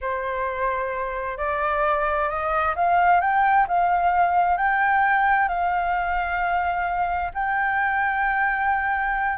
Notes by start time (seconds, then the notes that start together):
0.01 C5
1.37 D5
2.29 D#5
2.75 F5
3.20 G5
3.67 F5
4.57 G5
5.48 F5
7.34 G5